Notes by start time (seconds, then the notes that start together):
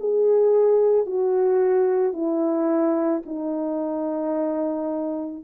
0.00 G#4
1.06 F#4
2.13 E4
3.26 D#4